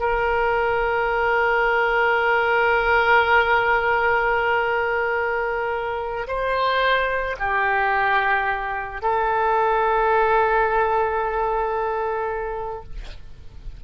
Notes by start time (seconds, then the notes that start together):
0.00 A#4
6.28 C5
7.40 G4
9.02 A4